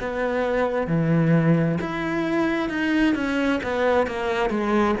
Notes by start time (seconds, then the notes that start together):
0.00 B3
0.87 E3
1.81 E4
2.69 D#4
3.14 C#4
3.63 B3
4.07 A#3
4.50 G#3